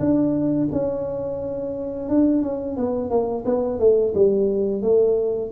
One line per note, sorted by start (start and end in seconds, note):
0.00 0.69 D4
0.72 2.09 C#4
2.09 2.43 D4
2.43 2.77 C#4
2.77 3.10 B3
3.10 3.45 A#3
3.45 3.80 B3
3.80 4.14 A3
4.15 4.82 G3
4.82 5.51 A3